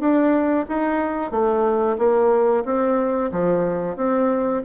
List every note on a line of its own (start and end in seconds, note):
0.00 0.66 D4
0.69 1.31 D#4
1.31 1.97 A3
1.98 2.64 A#3
2.65 3.31 C4
3.32 3.97 F3
3.97 4.62 C4